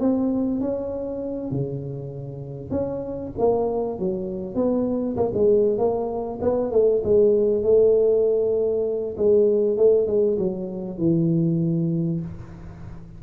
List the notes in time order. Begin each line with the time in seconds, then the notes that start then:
0.00 C4
0.61 C#4
1.51 C#3
2.71 C#4
3.38 A#3
3.99 F#3
4.55 B3
5.17 A#3
5.34 G#3
5.79 A#3
6.42 B3
6.72 A3
7.04 G#3
7.63 A3
9.17 G#3
9.77 A3
10.07 G#3
10.39 F#3
10.98 E3